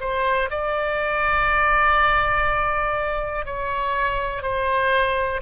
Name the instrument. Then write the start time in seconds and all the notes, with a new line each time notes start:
oboe
0.00 C5
0.50 D5
3.45 C#5
4.42 C5